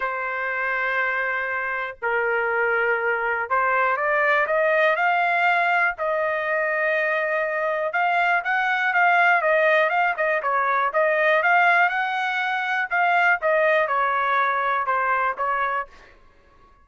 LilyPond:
\new Staff \with { instrumentName = "trumpet" } { \time 4/4 \tempo 4 = 121 c''1 | ais'2. c''4 | d''4 dis''4 f''2 | dis''1 |
f''4 fis''4 f''4 dis''4 | f''8 dis''8 cis''4 dis''4 f''4 | fis''2 f''4 dis''4 | cis''2 c''4 cis''4 | }